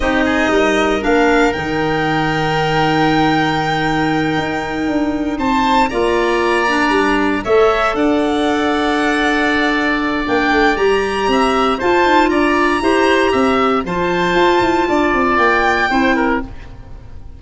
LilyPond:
<<
  \new Staff \with { instrumentName = "violin" } { \time 4/4 \tempo 4 = 117 dis''2 f''4 g''4~ | g''1~ | g''2~ g''8 a''4 ais''8~ | ais''2~ ais''8 e''4 fis''8~ |
fis''1 | g''4 ais''2 a''4 | ais''2. a''4~ | a''2 g''2 | }
  \new Staff \with { instrumentName = "oboe" } { \time 4/4 g'8 gis'8 ais'2.~ | ais'1~ | ais'2~ ais'8 c''4 d''8~ | d''2~ d''8 cis''4 d''8~ |
d''1~ | d''2 e''4 c''4 | d''4 c''4 e''4 c''4~ | c''4 d''2 c''8 ais'8 | }
  \new Staff \with { instrumentName = "clarinet" } { \time 4/4 dis'2 d'4 dis'4~ | dis'1~ | dis'2.~ dis'8 f'8~ | f'4 d'4. a'4.~ |
a'1 | d'4 g'2 f'4~ | f'4 g'2 f'4~ | f'2. e'4 | }
  \new Staff \with { instrumentName = "tuba" } { \time 4/4 c'4 g4 ais4 dis4~ | dis1~ | dis8 dis'4 d'4 c'4 ais8~ | ais4. g4 a4 d'8~ |
d'1 | ais8 a8 g4 c'4 f'8 dis'8 | d'4 e'4 c'4 f4 | f'8 e'8 d'8 c'8 ais4 c'4 | }
>>